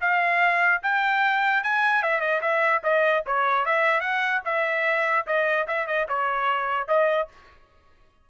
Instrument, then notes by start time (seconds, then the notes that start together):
trumpet
0.00 F5
0.82 G5
1.63 G#5
2.02 E5
2.20 D#5
2.41 E5
2.83 D#5
3.26 C#5
3.65 E5
4.00 F#5
4.45 E5
5.26 D#5
5.67 E5
5.86 D#5
6.08 C#5
6.87 D#5